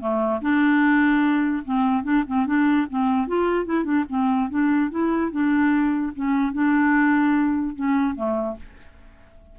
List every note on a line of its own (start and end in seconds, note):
0.00 0.41 A3
0.41 1.64 D4
1.65 2.03 C4
2.03 2.24 D4
2.27 2.46 C4
2.46 2.87 D4
2.90 3.27 C4
3.27 3.65 F4
3.65 3.84 E4
3.84 4.04 D4
4.09 4.49 C4
4.49 4.90 D4
4.91 5.31 E4
5.31 6.13 D4
6.15 6.53 C#4
6.53 7.75 D4
7.75 8.15 C#4
8.15 8.56 A3